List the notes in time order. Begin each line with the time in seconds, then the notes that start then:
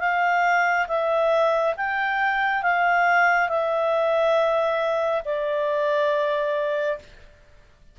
0.00 F5
0.88 E5
1.77 G5
2.62 F5
3.49 E5
5.25 D5